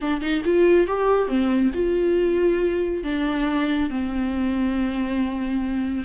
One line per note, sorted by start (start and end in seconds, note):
0.01 0.21 D4
0.21 0.43 D#4
0.44 0.87 F4
0.87 1.27 G4
1.27 1.71 C4
1.74 3.03 F4
3.03 3.90 D4
3.90 6.04 C4